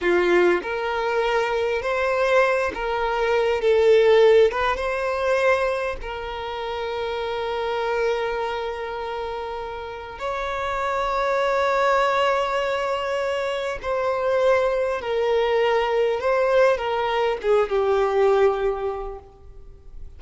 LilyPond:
\new Staff \with { instrumentName = "violin" } { \time 4/4 \tempo 4 = 100 f'4 ais'2 c''4~ | c''8 ais'4. a'4. b'8 | c''2 ais'2~ | ais'1~ |
ais'4 cis''2.~ | cis''2. c''4~ | c''4 ais'2 c''4 | ais'4 gis'8 g'2~ g'8 | }